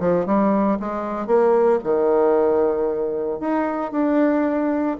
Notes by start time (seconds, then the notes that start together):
0.00 F3
0.26 G3
0.80 G#3
1.27 A#3
1.84 D#3
3.40 D#4
3.92 D4